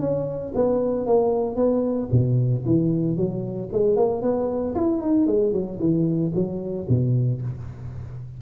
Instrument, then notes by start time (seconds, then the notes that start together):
tuba
0.00 C#4
0.55 B3
1.06 A#3
1.56 B3
2.11 B2
2.66 E3
3.17 F#3
3.72 G#3
3.96 A#3
4.22 B3
4.75 E4
5.01 D#4
5.27 G#3
5.53 F#3
5.79 E3
6.34 F#3
6.89 B2